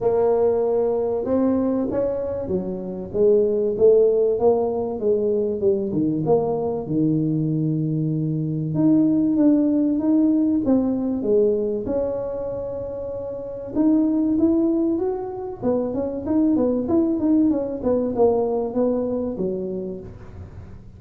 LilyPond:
\new Staff \with { instrumentName = "tuba" } { \time 4/4 \tempo 4 = 96 ais2 c'4 cis'4 | fis4 gis4 a4 ais4 | gis4 g8 dis8 ais4 dis4~ | dis2 dis'4 d'4 |
dis'4 c'4 gis4 cis'4~ | cis'2 dis'4 e'4 | fis'4 b8 cis'8 dis'8 b8 e'8 dis'8 | cis'8 b8 ais4 b4 fis4 | }